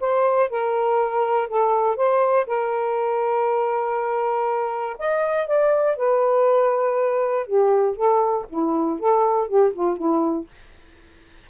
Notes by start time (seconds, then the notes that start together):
0.00 C5
0.50 A#4
1.48 A4
1.96 C5
2.46 A#4
4.98 D#5
5.47 D5
5.96 B4
7.47 G4
7.96 A4
8.49 E4
8.99 A4
9.47 G4
9.73 F4
9.97 E4